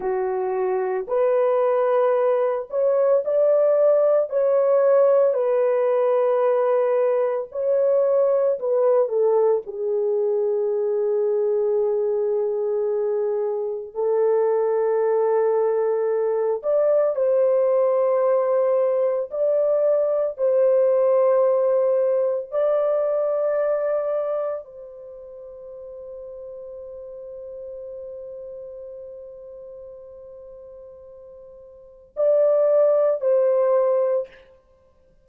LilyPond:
\new Staff \with { instrumentName = "horn" } { \time 4/4 \tempo 4 = 56 fis'4 b'4. cis''8 d''4 | cis''4 b'2 cis''4 | b'8 a'8 gis'2.~ | gis'4 a'2~ a'8 d''8 |
c''2 d''4 c''4~ | c''4 d''2 c''4~ | c''1~ | c''2 d''4 c''4 | }